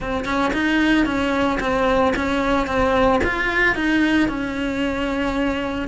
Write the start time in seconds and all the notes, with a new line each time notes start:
0.00 C4
0.25 C#4
0.53 D#4
1.05 C#4
1.60 C4
2.16 C#4
2.66 C4
3.24 F4
3.75 D#4
4.28 C#4